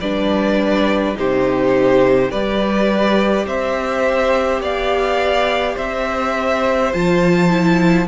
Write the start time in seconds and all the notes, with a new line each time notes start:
0.00 G3 D4 B4 D5
1.15 C3 D#4 G4 C5
2.30 G3 G4 B4 D5
3.45 C4 C5 E5
4.60 B3 D5 F5
5.75 C4 C5 E5
6.93 F3 F4 A5
7.50 E4